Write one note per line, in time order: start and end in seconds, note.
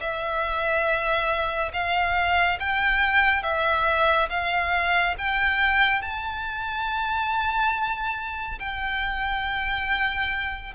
0.00 1.71 E5
1.73 2.59 F5
2.59 3.42 G5
3.42 4.28 E5
4.29 5.15 F5
5.18 6.02 G5
6.02 8.59 A5
8.59 10.73 G5